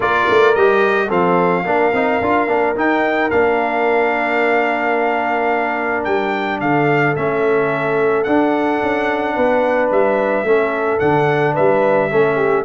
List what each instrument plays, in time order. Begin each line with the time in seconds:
0.00 tuba A#3, trombone F4, horn A#4, trumpet D5
0.29 tuba A3
0.54 tuba G3, trombone G4, trumpet D#5
1.07 tuba F3, trombone C4, horn A4, trumpet F5
1.64 tuba A#3, trombone D4, horn A#4
1.93 tuba C4, trombone D#4
2.20 tuba D4, trombone F4
2.47 tuba A#3, trombone D4
2.75 tuba D#4, trombone D#4, trumpet G5
3.30 tuba A#3, trombone D4, trumpet F5
6.04 tuba G3, trumpet G5
6.60 tuba D3, horn A4, trumpet F5
7.15 tuba A3, trombone C#4, trumpet E5
8.23 tuba D4, trombone D4, trumpet F#5
8.81 tuba C#4
9.35 tuba B3, horn B4
9.91 tuba G3, trumpet E5
10.43 tuba A3, trombone C#4, horn A4
10.99 tuba D3, trombone D4, trumpet F#5
11.53 tuba G3, horn B4, trumpet E5
12.10 tuba A3, trombone C#4, horn A4
12.36 horn G4